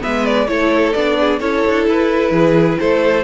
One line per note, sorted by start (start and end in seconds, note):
0.00 0.47 G#3
0.00 0.46 B3
0.00 0.47 B4
0.00 0.25 E5
0.25 0.48 D5
0.47 0.94 A3
0.47 0.94 E4
0.47 1.19 A4
0.47 0.93 C#5
0.93 1.40 B3
0.93 1.40 D4
0.93 1.39 D5
1.20 1.40 G#4
1.39 1.64 C#4
1.39 3.23 E4
1.39 2.32 A4
1.39 1.85 C#5
1.67 1.87 D4
1.87 2.31 E4
1.87 2.79 B4
2.31 2.77 E3
2.31 2.78 G#4
2.79 3.23 A3
2.79 3.23 A4
2.79 3.23 C5